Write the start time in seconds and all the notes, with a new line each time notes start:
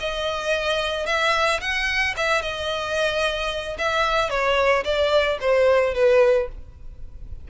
0.00 D#5
1.06 E5
1.61 F#5
2.17 E5
2.42 D#5
3.79 E5
4.30 C#5
4.85 D5
5.41 C5
5.95 B4